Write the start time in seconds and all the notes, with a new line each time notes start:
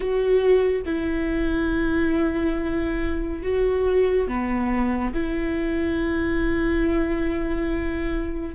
0.00 F#4
0.85 E4
3.42 F#4
4.27 B3
5.14 E4